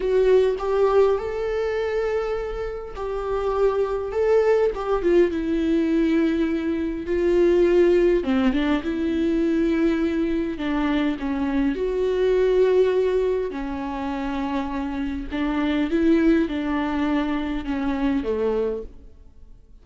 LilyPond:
\new Staff \with { instrumentName = "viola" } { \time 4/4 \tempo 4 = 102 fis'4 g'4 a'2~ | a'4 g'2 a'4 | g'8 f'8 e'2. | f'2 c'8 d'8 e'4~ |
e'2 d'4 cis'4 | fis'2. cis'4~ | cis'2 d'4 e'4 | d'2 cis'4 a4 | }